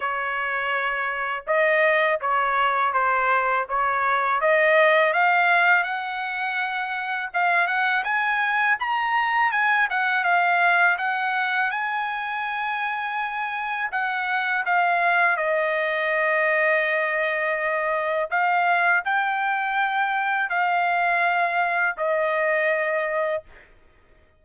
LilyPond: \new Staff \with { instrumentName = "trumpet" } { \time 4/4 \tempo 4 = 82 cis''2 dis''4 cis''4 | c''4 cis''4 dis''4 f''4 | fis''2 f''8 fis''8 gis''4 | ais''4 gis''8 fis''8 f''4 fis''4 |
gis''2. fis''4 | f''4 dis''2.~ | dis''4 f''4 g''2 | f''2 dis''2 | }